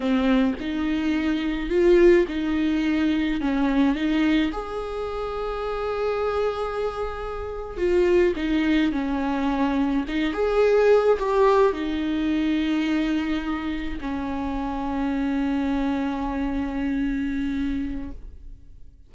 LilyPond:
\new Staff \with { instrumentName = "viola" } { \time 4/4 \tempo 4 = 106 c'4 dis'2 f'4 | dis'2 cis'4 dis'4 | gis'1~ | gis'4.~ gis'16 f'4 dis'4 cis'16~ |
cis'4.~ cis'16 dis'8 gis'4. g'16~ | g'8. dis'2.~ dis'16~ | dis'8. cis'2.~ cis'16~ | cis'1 | }